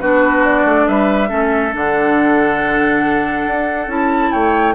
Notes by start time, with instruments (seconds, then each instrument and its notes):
0.00 bassoon B3, clarinet D4, oboe F#4, flute B4
0.45 flute D5
0.65 bassoon A3
0.88 bassoon G3, oboe B4, flute E5
1.28 bassoon A3, clarinet C#4, oboe A4
1.73 bassoon D3, clarinet D4, flute F#5
3.46 bassoon D4
3.87 bassoon C#4, clarinet E4, flute A5
4.31 bassoon A3, oboe C#5, flute G5